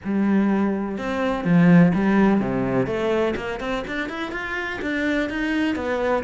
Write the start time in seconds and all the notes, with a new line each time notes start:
0.04 G3
0.98 C4
1.44 F3
1.94 G3
2.40 C3
2.86 A3
3.36 A#3
3.60 C4
3.87 D4
4.09 E4
4.31 F4
4.81 D4
5.29 D#4
5.75 B3